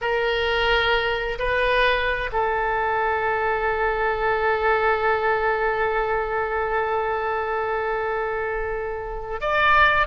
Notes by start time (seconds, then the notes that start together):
0.01 A#4
1.38 B4
2.32 A4
9.40 D5